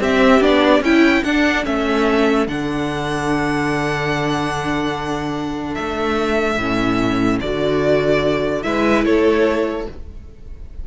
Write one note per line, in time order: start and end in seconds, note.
0.00 0.40 C4
0.00 0.82 G4
0.00 0.42 E5
0.40 0.80 B3
0.40 0.81 D4
0.40 0.83 D5
0.80 1.21 C#4
0.80 1.25 E4
0.80 1.23 G5
1.23 1.64 D4
1.23 1.66 D4
1.23 8.65 A4
1.23 1.64 F#5
1.64 2.47 A3
1.64 2.46 C#4
1.64 2.47 E5
2.47 5.76 D3
2.47 6.59 D4
2.47 5.74 F#5
5.74 6.57 A3
5.74 7.38 E5
6.57 7.39 A2
6.57 7.42 C#4
7.40 8.64 D3
7.40 8.62 F#4
7.40 8.62 D5
8.62 9.04 G#3
8.62 9.86 E4
8.62 9.05 B4
8.62 9.04 E5
9.04 9.87 A3
9.04 9.87 A4
9.04 9.87 C#5